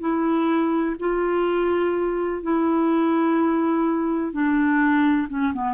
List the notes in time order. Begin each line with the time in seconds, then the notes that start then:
0.00 E4
1.00 F4
2.42 E4
4.32 D4
5.29 C#4
5.54 B3